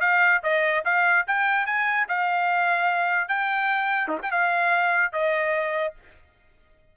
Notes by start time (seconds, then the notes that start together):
0.00 F5
0.43 D#5
0.84 F5
1.27 G5
1.66 G#5
2.08 F5
3.28 G5
4.08 D#4
4.22 G5
4.31 F5
5.12 D#5